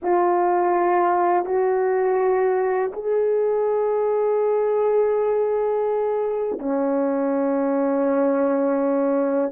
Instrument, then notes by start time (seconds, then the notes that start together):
horn
0.02 F4
1.45 F#4
2.93 G#4
6.58 C#4